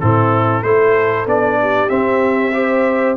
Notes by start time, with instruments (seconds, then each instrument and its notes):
0.00 tuba A2, trombone C4, horn E4, trumpet A4
0.63 tuba A3, trombone E4, horn A4, trumpet C5
1.26 tuba B3, trombone D4, trumpet D5
1.61 horn G4
1.89 trombone C4, tuba C4, trumpet E5
2.53 trombone G4, horn C5